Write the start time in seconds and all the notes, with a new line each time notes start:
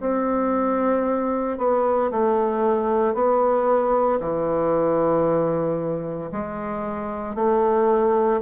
0.00 C4
1.57 B3
2.11 A3
3.14 B3
4.20 E3
6.32 G#3
7.35 A3